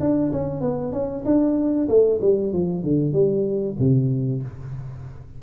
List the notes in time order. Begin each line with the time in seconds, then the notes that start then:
0.00 D4
0.32 C#4
0.61 B3
0.92 C#4
1.25 D4
1.89 A3
2.21 G3
2.53 F3
2.83 D3
3.13 G3
3.80 C3